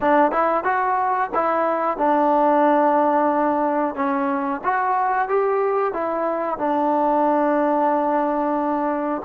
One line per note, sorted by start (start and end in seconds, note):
0.00 0.31 D4
0.31 0.64 E4
0.64 1.30 F#4
1.34 1.97 E4
1.97 3.95 D4
3.95 4.61 C#4
4.64 5.28 F#4
5.28 5.93 G4
5.93 6.58 E4
6.58 9.21 D4